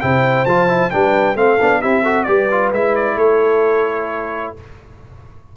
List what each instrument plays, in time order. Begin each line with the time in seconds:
0.00 tuba C3, trombone E4, horn C5, trumpet G5
0.45 tuba F3, trombone F4, trumpet A5
0.68 trombone E4
0.90 tuba G3, trombone D4, horn B4, trumpet G5
1.35 tuba A3, trombone C4, horn A4, trumpet F5
1.61 tuba B3, trombone D4
1.80 tuba C4, trombone E4, horn G4, trumpet E5
2.02 trombone F#4, horn A4
2.23 tuba G3, trombone G4, horn B4, trumpet D5
2.51 trombone F4
2.72 tuba G#3, trombone E4, trumpet E5
2.95 trumpet D5
3.16 tuba A3, horn A4, trumpet C#5